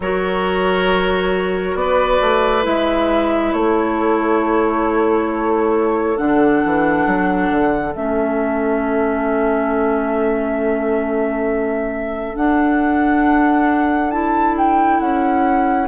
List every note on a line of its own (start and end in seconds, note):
0.00 1.74 F#3
0.00 2.62 F#4
0.00 1.78 A#4
0.00 1.75 C#5
1.74 2.18 B3
1.74 3.56 B4
1.74 2.64 D5
2.21 2.65 A3
2.62 3.53 G#3
2.62 6.15 E4
2.62 3.53 E5
3.53 6.17 A3
3.53 15.88 A4
3.53 6.17 C#5
6.16 6.62 D3
6.16 7.92 D4
6.16 7.94 F#5
6.64 7.06 E3
7.06 7.50 F#3
7.50 7.94 D3
7.95 12.35 A3
7.95 12.35 C#4
7.95 12.36 E5
12.35 14.99 D4
12.35 14.11 D4
12.35 14.10 F#5
14.10 15.87 E4
14.10 14.54 A5
14.57 14.99 G5
14.99 15.88 C#4
14.99 15.88 F#5